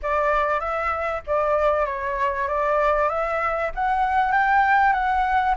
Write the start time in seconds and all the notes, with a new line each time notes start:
0.02 D5
0.60 E5
1.26 D5
1.86 C#5
2.47 D5
3.09 E5
3.74 F#5
4.32 G5
4.93 F#5